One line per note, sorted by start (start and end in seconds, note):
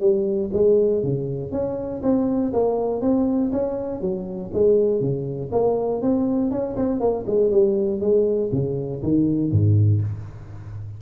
0.00 0.50 G3
0.53 1.03 G#3
1.03 1.52 C#3
1.52 2.02 C#4
2.02 2.52 C4
2.53 3.01 A#3
3.01 3.51 C4
3.52 4.01 C#4
4.01 4.51 F#3
4.54 5.01 G#3
5.01 5.51 C#3
5.52 6.02 A#3
6.02 6.51 C4
6.51 6.76 C#4
6.76 7.00 C4
7.00 7.25 A#3
7.27 7.51 G#3
7.51 8.01 G3
8.01 8.51 G#3
8.52 9.02 C#3
9.03 9.51 D#3
9.51 10.01 G#2